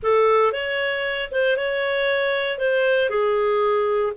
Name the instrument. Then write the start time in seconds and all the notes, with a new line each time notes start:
clarinet
0.02 A4
0.52 C#5
1.31 C5
1.56 C#5
2.58 C5
3.09 G#4